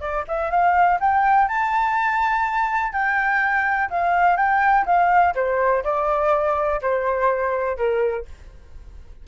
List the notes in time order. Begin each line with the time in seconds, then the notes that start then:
0.00 D5
0.27 E5
0.50 F5
1.00 G5
1.48 A5
2.92 G5
3.90 F5
4.36 G5
4.85 F5
5.35 C5
5.84 D5
6.81 C5
7.77 A#4